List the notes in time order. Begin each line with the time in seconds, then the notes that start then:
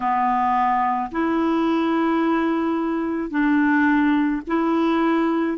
0.00 B3
1.11 E4
3.30 D4
4.47 E4